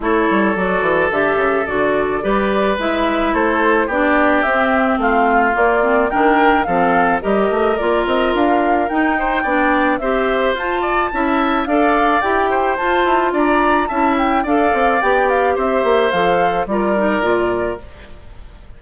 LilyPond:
<<
  \new Staff \with { instrumentName = "flute" } { \time 4/4 \tempo 4 = 108 cis''4 d''4 e''4 d''4~ | d''4 e''4 c''4 d''4 | e''4 f''4 d''4 g''4 | f''4 dis''4 d''8 dis''8 f''4 |
g''2 e''4 a''4~ | a''4 f''4 g''4 a''4 | ais''4 a''8 g''8 f''4 g''8 f''8 | e''4 f''4 d''2 | }
  \new Staff \with { instrumentName = "oboe" } { \time 4/4 a'1 | b'2 a'4 g'4~ | g'4 f'2 ais'4 | a'4 ais'2.~ |
ais'8 c''8 d''4 c''4. d''8 | e''4 d''4. c''4. | d''4 e''4 d''2 | c''2 ais'2 | }
  \new Staff \with { instrumentName = "clarinet" } { \time 4/4 e'4 fis'4 g'4 fis'4 | g'4 e'2 d'4 | c'2 ais8 c'8 d'4 | c'4 g'4 f'2 |
dis'4 d'4 g'4 f'4 | e'4 a'4 g'4 f'4~ | f'4 e'4 a'4 g'4~ | g'4 a'4 f'8 dis'8 f'4 | }
  \new Staff \with { instrumentName = "bassoon" } { \time 4/4 a8 g8 fis8 e8 d8 cis8 d4 | g4 gis4 a4 b4 | c'4 a4 ais4 dis4 | f4 g8 a8 ais8 c'8 d'4 |
dis'4 b4 c'4 f'4 | cis'4 d'4 e'4 f'8 e'8 | d'4 cis'4 d'8 c'8 b4 | c'8 ais8 f4 g4 ais,4 | }
>>